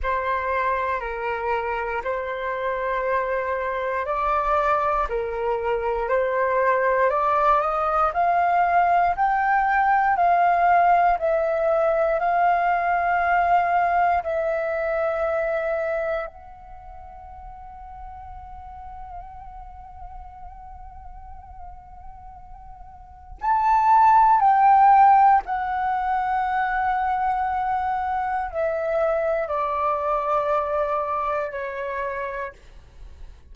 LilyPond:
\new Staff \with { instrumentName = "flute" } { \time 4/4 \tempo 4 = 59 c''4 ais'4 c''2 | d''4 ais'4 c''4 d''8 dis''8 | f''4 g''4 f''4 e''4 | f''2 e''2 |
fis''1~ | fis''2. a''4 | g''4 fis''2. | e''4 d''2 cis''4 | }